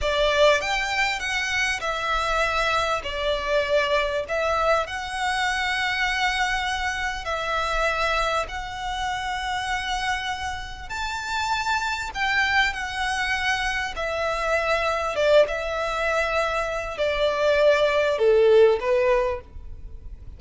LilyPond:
\new Staff \with { instrumentName = "violin" } { \time 4/4 \tempo 4 = 99 d''4 g''4 fis''4 e''4~ | e''4 d''2 e''4 | fis''1 | e''2 fis''2~ |
fis''2 a''2 | g''4 fis''2 e''4~ | e''4 d''8 e''2~ e''8 | d''2 a'4 b'4 | }